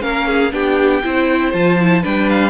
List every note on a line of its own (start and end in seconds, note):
0.00 0.52 A#3
0.00 0.50 C#4
0.00 0.27 A#4
0.00 0.52 F5
0.27 0.52 G#4
0.51 1.03 B3
0.51 1.02 D4
0.51 1.04 G4
0.51 1.52 G5
1.03 1.53 C4
1.03 1.53 E4
1.03 2.02 C5
1.52 2.04 F3
1.52 1.78 F4
1.52 2.03 A5
1.80 2.03 E4
2.02 2.50 G3
2.02 2.50 D4
2.02 2.50 B4
2.02 2.29 G5
2.29 2.50 F5